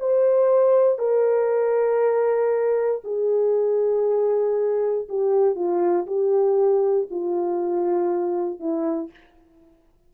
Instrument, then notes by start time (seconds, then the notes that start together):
horn
0.00 C5
0.98 A#4
3.05 G#4
5.09 G4
5.56 F4
6.07 G4
7.11 F4
8.60 E4